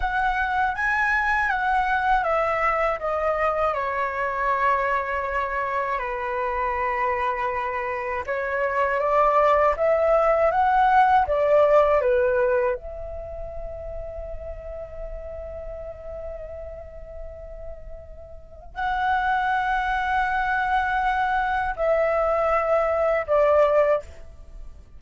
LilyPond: \new Staff \with { instrumentName = "flute" } { \time 4/4 \tempo 4 = 80 fis''4 gis''4 fis''4 e''4 | dis''4 cis''2. | b'2. cis''4 | d''4 e''4 fis''4 d''4 |
b'4 e''2.~ | e''1~ | e''4 fis''2.~ | fis''4 e''2 d''4 | }